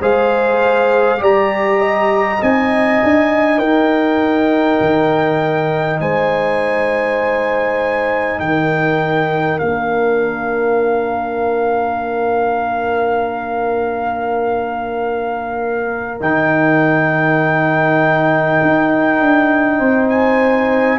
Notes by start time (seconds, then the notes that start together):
0.00 G#3 G#4 C5 F5
1.18 G3 G4 D5 A#5
1.78 D#5
2.41 C4 D#4 G#5
3.03 D4
3.58 D#4 A#4 G5
4.80 D#3
6.00 G#3 C5 G#5
8.39 D#3 A#4 G5
9.59 A#3 D4 F5
16.20 D#3 D#4 G5
18.62 D#4
19.20 D4
19.78 C4 C5
20.09 G#5